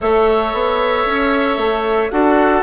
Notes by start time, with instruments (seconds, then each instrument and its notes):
0.00 bassoon A3, clarinet A4, oboe C#5, flute E5
0.53 bassoon B3
1.05 bassoon C#4
1.56 bassoon A3
2.10 bassoon D4, clarinet F#4, oboe A4, flute F#5